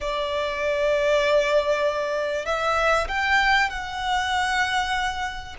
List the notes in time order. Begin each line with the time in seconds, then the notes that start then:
0.00 D5
2.45 E5
3.08 G5
3.70 F#5